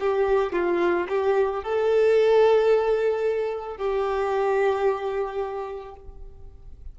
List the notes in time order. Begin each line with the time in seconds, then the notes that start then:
0.00 G4
0.53 F4
1.09 G4
1.64 A4
3.77 G4